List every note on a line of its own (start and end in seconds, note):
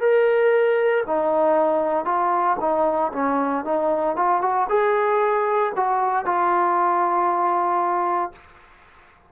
0.00 1.03 A#4
1.06 2.05 D#4
2.05 2.57 F4
2.60 3.12 D#4
3.12 3.64 C#4
3.64 4.16 D#4
4.16 4.42 F4
4.42 4.67 F#4
4.69 5.72 G#4
5.76 6.25 F#4
6.25 8.32 F4